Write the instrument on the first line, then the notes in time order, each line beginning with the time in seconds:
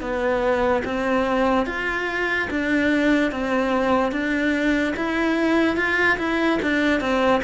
cello
0.00 B3
0.84 C4
1.66 F4
2.50 D4
3.31 C4
4.11 D4
4.96 E4
5.76 F4
6.18 E4
6.62 D4
7.00 C4